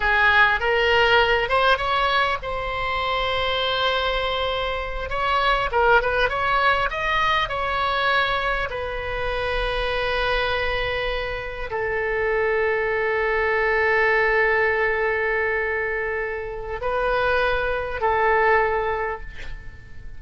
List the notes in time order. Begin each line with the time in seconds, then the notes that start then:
0.00 G#4
0.60 A#4
1.48 C5
1.77 C#5
2.42 C5
5.09 C#5
5.71 A#4
6.01 B4
6.29 C#5
6.90 D#5
7.48 C#5
8.70 B4
11.70 A4
16.81 B4
18.00 A4